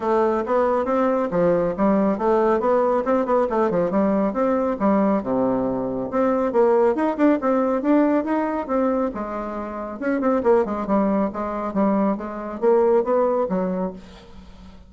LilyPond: \new Staff \with { instrumentName = "bassoon" } { \time 4/4 \tempo 4 = 138 a4 b4 c'4 f4 | g4 a4 b4 c'8 b8 | a8 f8 g4 c'4 g4 | c2 c'4 ais4 |
dis'8 d'8 c'4 d'4 dis'4 | c'4 gis2 cis'8 c'8 | ais8 gis8 g4 gis4 g4 | gis4 ais4 b4 fis4 | }